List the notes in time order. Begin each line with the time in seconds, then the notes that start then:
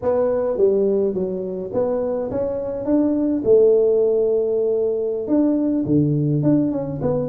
0.02 B3
0.57 G3
1.14 F#3
1.73 B3
2.31 C#4
2.85 D4
3.44 A3
5.27 D4
5.85 D3
6.43 D4
6.71 C#4
7.01 B3